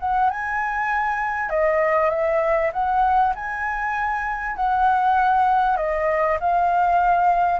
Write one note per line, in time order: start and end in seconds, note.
0.00 0.30 F#5
0.30 1.50 G#5
1.50 2.10 D#5
2.10 2.71 E5
2.73 3.35 F#5
3.35 4.56 G#5
4.56 5.77 F#5
5.77 6.38 D#5
6.40 7.60 F5